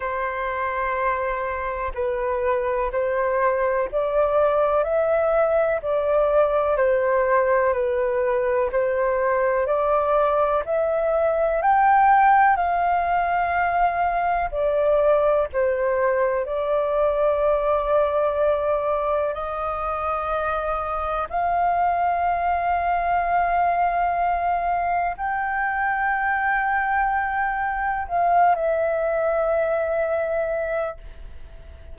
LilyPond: \new Staff \with { instrumentName = "flute" } { \time 4/4 \tempo 4 = 62 c''2 b'4 c''4 | d''4 e''4 d''4 c''4 | b'4 c''4 d''4 e''4 | g''4 f''2 d''4 |
c''4 d''2. | dis''2 f''2~ | f''2 g''2~ | g''4 f''8 e''2~ e''8 | }